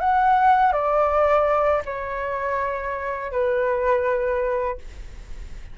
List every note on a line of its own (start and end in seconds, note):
0.00 0.73 F#5
0.73 1.82 D5
1.85 3.32 C#5
3.32 4.78 B4